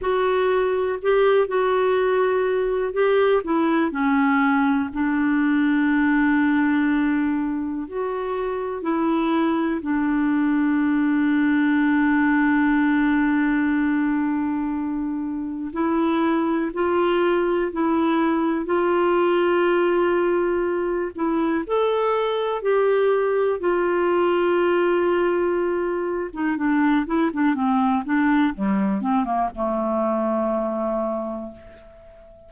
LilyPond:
\new Staff \with { instrumentName = "clarinet" } { \time 4/4 \tempo 4 = 61 fis'4 g'8 fis'4. g'8 e'8 | cis'4 d'2. | fis'4 e'4 d'2~ | d'1 |
e'4 f'4 e'4 f'4~ | f'4. e'8 a'4 g'4 | f'2~ f'8. dis'16 d'8 e'16 d'16 | c'8 d'8 g8 c'16 ais16 a2 | }